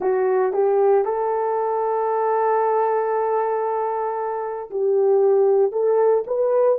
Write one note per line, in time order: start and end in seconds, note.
0.00 0.52 F#4
0.52 1.04 G4
1.04 4.70 A4
4.70 5.72 G4
5.72 6.24 A4
6.26 6.78 B4